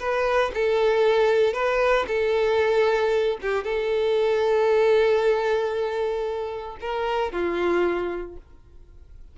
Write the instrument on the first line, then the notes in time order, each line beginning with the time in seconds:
violin
0.00 B4
0.55 A4
1.54 B4
2.08 A4
3.42 G4
3.65 A4
6.81 A#4
7.33 F4